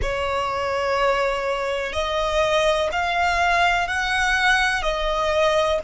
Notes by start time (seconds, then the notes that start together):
0.01 C#5
1.93 D#5
2.92 F5
3.87 F#5
4.82 D#5